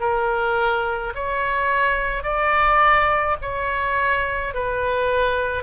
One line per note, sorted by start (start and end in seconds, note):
0.00 1.13 A#4
1.15 2.23 C#5
2.23 3.37 D5
3.42 4.54 C#5
4.54 5.63 B4